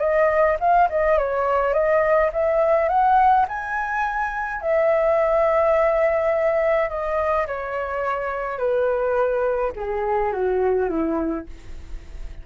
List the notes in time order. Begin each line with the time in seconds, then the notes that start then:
0.00 D#5
0.60 F5
0.89 D#5
1.18 C#5
1.73 D#5
2.33 E5
2.89 F#5
3.48 G#5
4.62 E5
6.89 D#5
7.47 C#5
8.58 B4
9.76 G#4
10.32 F#4
10.89 E4